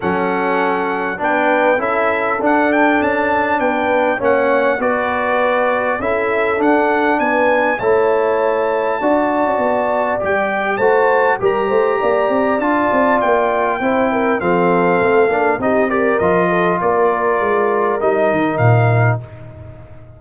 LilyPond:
<<
  \new Staff \with { instrumentName = "trumpet" } { \time 4/4 \tempo 4 = 100 fis''2 g''4 e''4 | fis''8 g''8 a''4 g''4 fis''4 | d''2 e''4 fis''4 | gis''4 a''2.~ |
a''4 g''4 a''4 ais''4~ | ais''4 a''4 g''2 | f''2 dis''8 d''8 dis''4 | d''2 dis''4 f''4 | }
  \new Staff \with { instrumentName = "horn" } { \time 4/4 a'2 b'4 a'4~ | a'2 b'4 cis''4 | b'2 a'2 | b'4 cis''2 d''4~ |
d''2 c''4 ais'8 c''8 | d''2. c''8 ais'8 | a'2 g'8 ais'4 a'8 | ais'1 | }
  \new Staff \with { instrumentName = "trombone" } { \time 4/4 cis'2 d'4 e'4 | d'2. cis'4 | fis'2 e'4 d'4~ | d'4 e'2 fis'4~ |
fis'4 g'4 fis'4 g'4~ | g'4 f'2 e'4 | c'4. d'8 dis'8 g'8 f'4~ | f'2 dis'2 | }
  \new Staff \with { instrumentName = "tuba" } { \time 4/4 fis2 b4 cis'4 | d'4 cis'4 b4 ais4 | b2 cis'4 d'4 | b4 a2 d'8. cis'16 |
b4 g4 a4 g8 a8 | ais8 c'8 d'8 c'8 ais4 c'4 | f4 a8 ais8 c'4 f4 | ais4 gis4 g8 dis8 ais,4 | }
>>